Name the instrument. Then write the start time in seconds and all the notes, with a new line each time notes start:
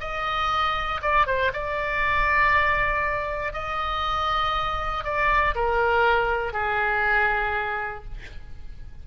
oboe
0.00 D#5
1.01 D5
1.26 C5
1.53 D5
3.53 D#5
5.04 D5
5.55 A#4
6.53 G#4